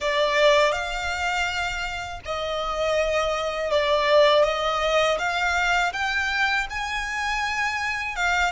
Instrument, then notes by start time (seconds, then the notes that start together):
violin
0.00 D5
0.71 F5
2.25 D#5
3.70 D5
4.43 D#5
5.18 F5
5.92 G5
6.70 G#5
8.16 F5